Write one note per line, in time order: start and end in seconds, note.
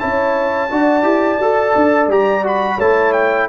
0.00 0.72 C#4
0.00 0.70 E4
0.00 0.71 C#5
0.00 2.10 A5
0.71 1.03 D4
0.71 1.03 F#4
0.71 2.77 D5
1.03 1.38 E4
1.03 1.38 G4
1.39 1.74 F#4
1.39 2.11 A4
1.76 2.07 D4
2.07 2.77 G3
2.07 2.44 G4
2.07 2.46 A#5
2.44 2.79 F#4
2.44 2.80 B5
2.77 3.49 A3
2.77 3.49 E4
2.77 3.47 C#5
2.77 3.13 A5
3.13 3.48 G5